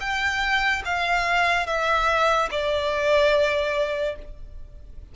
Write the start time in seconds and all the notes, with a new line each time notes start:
0.00 G5
0.84 F5
1.66 E5
2.51 D5